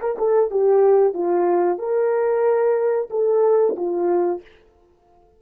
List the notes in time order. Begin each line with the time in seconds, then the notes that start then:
0.00 A#4
0.18 A4
0.50 G4
1.13 F4
1.78 A#4
3.10 A4
3.76 F4